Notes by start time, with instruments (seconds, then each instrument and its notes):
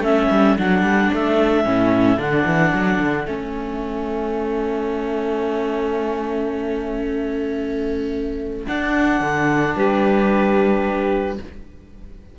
0.00 cello A3, viola C#4, saxophone A4, clarinet E5
0.31 cello G3
0.58 cello F#3, viola D4, clarinet F#5
0.83 cello G3
1.13 cello A3, clarinet E5
1.65 cello A2, viola C#4
2.18 cello D3, viola D4, clarinet F#5
2.46 cello E3
2.74 cello F#3
3.00 cello D3
3.26 cello A3, viola C#4, clarinet E5
8.67 viola D4, cello D4, clarinet F#5
9.21 cello D3
9.75 cello G3, saxophone G4, clarinet B4